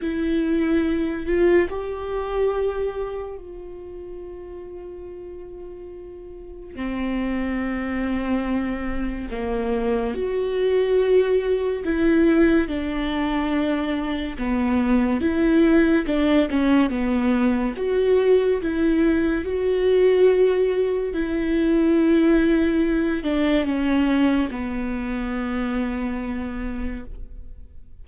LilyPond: \new Staff \with { instrumentName = "viola" } { \time 4/4 \tempo 4 = 71 e'4. f'8 g'2 | f'1 | c'2. ais4 | fis'2 e'4 d'4~ |
d'4 b4 e'4 d'8 cis'8 | b4 fis'4 e'4 fis'4~ | fis'4 e'2~ e'8 d'8 | cis'4 b2. | }